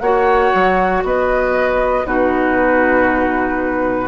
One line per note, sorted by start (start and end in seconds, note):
0.00 0.51 A#3
0.00 2.06 F#4
0.00 1.04 C#5
0.00 1.02 F#5
0.54 1.03 F#3
1.03 2.04 B3
1.03 2.06 B4
1.03 2.07 D#5
2.04 4.07 B2
2.04 4.07 D#4
2.04 4.07 F#4
2.04 4.07 B4